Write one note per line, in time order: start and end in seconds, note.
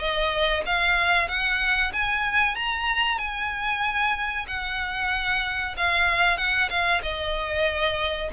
0.00 0.64 D#5
0.66 1.28 F5
1.28 1.92 F#5
1.94 2.56 G#5
2.56 3.19 A#5
3.19 4.46 G#5
4.48 5.76 F#5
5.77 6.38 F5
6.38 6.70 F#5
6.70 7.02 F5
7.03 8.31 D#5